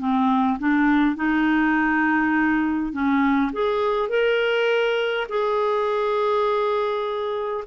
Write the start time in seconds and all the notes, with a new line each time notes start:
0.00 C4
0.59 D4
1.16 D#4
2.93 C#4
3.53 G#4
4.10 A#4
5.29 G#4